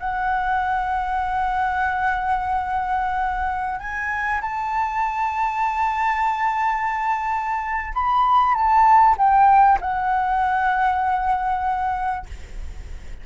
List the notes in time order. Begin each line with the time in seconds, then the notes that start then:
0.00 F#5
3.80 G#5
4.42 A5
7.95 B5
8.55 A5
9.18 G5
9.81 F#5